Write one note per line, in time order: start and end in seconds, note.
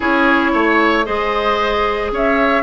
0.00 0.53 C#4
0.00 1.04 E4
0.00 0.51 G#4
0.00 1.05 C#5
0.53 1.06 A3
0.53 1.05 C#5
1.04 2.11 G#3
1.04 2.63 G#4
1.04 2.11 C5
1.04 2.11 D#5
2.11 2.63 C#4
2.11 2.63 C#5
2.11 2.63 E5